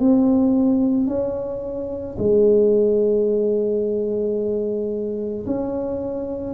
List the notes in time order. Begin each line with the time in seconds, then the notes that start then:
0.00 C4
1.08 C#4
2.19 G#3
5.46 C#4